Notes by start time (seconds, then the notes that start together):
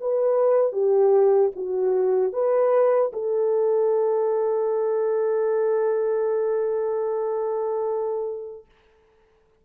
0.00 B4
0.72 G4
1.55 F#4
2.33 B4
3.13 A4